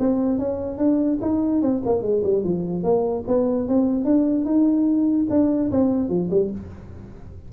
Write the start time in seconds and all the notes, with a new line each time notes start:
0.00 C4
0.39 C#4
0.78 D4
1.22 D#4
1.62 C4
1.86 A#3
2.03 G#3
2.24 G3
2.44 F3
2.84 A#3
3.28 B3
3.68 C4
4.05 D4
4.45 D#4
5.30 D4
5.71 C4
6.09 F3
6.31 G3